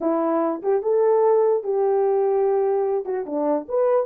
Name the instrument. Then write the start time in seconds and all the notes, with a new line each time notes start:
horn
0.01 E4
0.62 G4
0.82 A4
1.63 G4
3.05 F#4
3.26 D4
3.68 B4